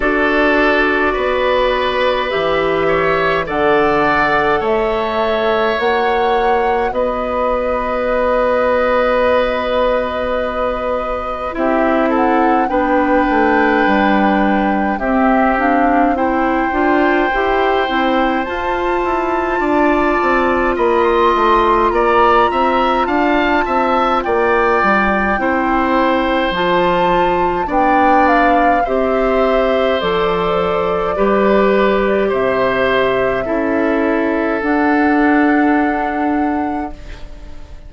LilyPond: <<
  \new Staff \with { instrumentName = "flute" } { \time 4/4 \tempo 4 = 52 d''2 e''4 fis''4 | e''4 fis''4 dis''2~ | dis''2 e''8 fis''8 g''4~ | g''4 e''8 f''8 g''2 |
a''2 b''16 c'''8. ais''4 | a''4 g''2 a''4 | g''8 f''8 e''4 d''2 | e''2 fis''2 | }
  \new Staff \with { instrumentName = "oboe" } { \time 4/4 a'4 b'4. cis''8 d''4 | cis''2 b'2~ | b'2 g'8 a'8 b'4~ | b'4 g'4 c''2~ |
c''4 d''4 dis''4 d''8 e''8 | f''8 e''8 d''4 c''2 | d''4 c''2 b'4 | c''4 a'2. | }
  \new Staff \with { instrumentName = "clarinet" } { \time 4/4 fis'2 g'4 a'4~ | a'4 fis'2.~ | fis'2 e'4 d'4~ | d'4 c'8 d'8 e'8 f'8 g'8 e'8 |
f'1~ | f'2 e'4 f'4 | d'4 g'4 a'4 g'4~ | g'4 e'4 d'2 | }
  \new Staff \with { instrumentName = "bassoon" } { \time 4/4 d'4 b4 e4 d4 | a4 ais4 b2~ | b2 c'4 b8 a8 | g4 c'4. d'8 e'8 c'8 |
f'8 e'8 d'8 c'8 ais8 a8 ais8 c'8 | d'8 c'8 ais8 g8 c'4 f4 | b4 c'4 f4 g4 | c4 cis'4 d'2 | }
>>